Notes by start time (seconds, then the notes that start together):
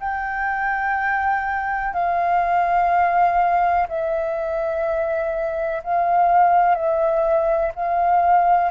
0.00 G5
1.94 F5
3.89 E5
5.83 F5
6.75 E5
7.75 F5